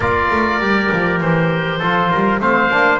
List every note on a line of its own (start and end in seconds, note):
0.00 0.29 A#3
0.00 0.61 F4
0.00 1.79 A#4
0.00 1.20 D5
0.30 0.60 A3
0.60 0.90 G3
0.60 1.81 G4
0.92 1.20 F3
1.20 1.80 E3
1.20 2.40 C5
1.79 2.11 F3
1.79 2.40 F4
1.79 2.09 A4
2.10 2.40 G3
2.10 2.40 A#4
2.40 2.70 A3
2.40 2.70 C4
2.40 2.99 C5
2.40 2.99 F5
2.70 2.99 A#3
2.70 2.99 D4